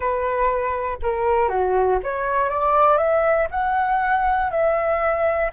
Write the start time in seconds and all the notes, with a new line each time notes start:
0.00 B4
1.02 A#4
1.48 F#4
2.03 C#5
2.49 D5
2.97 E5
3.50 F#5
4.50 E5